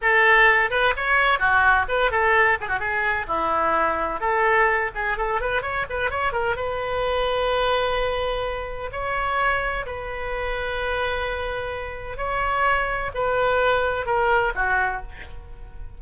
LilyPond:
\new Staff \with { instrumentName = "oboe" } { \time 4/4 \tempo 4 = 128 a'4. b'8 cis''4 fis'4 | b'8 a'4 gis'16 fis'16 gis'4 e'4~ | e'4 a'4. gis'8 a'8 b'8 | cis''8 b'8 cis''8 ais'8 b'2~ |
b'2. cis''4~ | cis''4 b'2.~ | b'2 cis''2 | b'2 ais'4 fis'4 | }